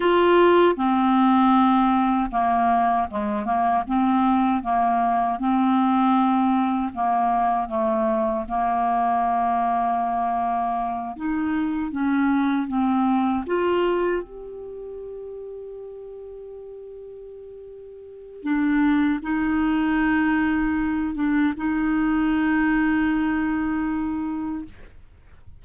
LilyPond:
\new Staff \with { instrumentName = "clarinet" } { \time 4/4 \tempo 4 = 78 f'4 c'2 ais4 | gis8 ais8 c'4 ais4 c'4~ | c'4 ais4 a4 ais4~ | ais2~ ais8 dis'4 cis'8~ |
cis'8 c'4 f'4 g'4.~ | g'1 | d'4 dis'2~ dis'8 d'8 | dis'1 | }